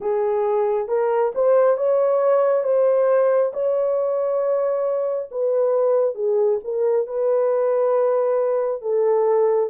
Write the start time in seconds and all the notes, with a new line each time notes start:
0.00 G#4
0.88 A#4
1.34 C5
1.77 C#5
2.63 C5
3.53 C#5
5.31 B4
6.14 G#4
6.64 A#4
7.06 B4
8.81 A4